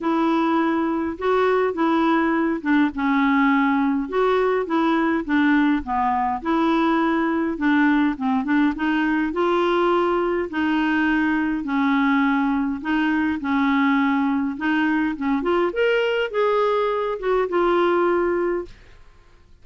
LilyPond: \new Staff \with { instrumentName = "clarinet" } { \time 4/4 \tempo 4 = 103 e'2 fis'4 e'4~ | e'8 d'8 cis'2 fis'4 | e'4 d'4 b4 e'4~ | e'4 d'4 c'8 d'8 dis'4 |
f'2 dis'2 | cis'2 dis'4 cis'4~ | cis'4 dis'4 cis'8 f'8 ais'4 | gis'4. fis'8 f'2 | }